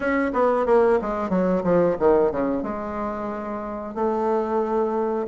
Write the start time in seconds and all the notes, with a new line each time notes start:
0.00 C#4
0.33 B3
0.66 A#3
1.01 G#3
1.29 F#3
1.63 F3
1.99 D#3
2.31 C#3
2.62 G#3
3.94 A3